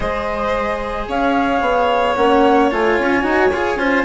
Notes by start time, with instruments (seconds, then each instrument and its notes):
0.00 bassoon G#3, cello G#4, violin C5, flute D#5
1.07 bassoon C#4, violin C#5, flute F5
1.61 bassoon B3
2.15 bassoon A#3, cello C#4, flute F#5
2.70 bassoon A3, cello F4, flute G#5
2.99 bassoon C#4
3.22 bassoon D#4, cello F#4
3.51 bassoon F4, cello G#4
3.76 bassoon C#4, cello F4, violin C5